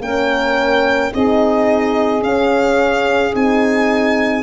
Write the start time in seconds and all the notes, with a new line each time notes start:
0.00 A#3 C#4 A#4 G5
1.13 C4 D#4 G#4 D#5
2.21 C#4 F5
3.34 C4 D#4 G#5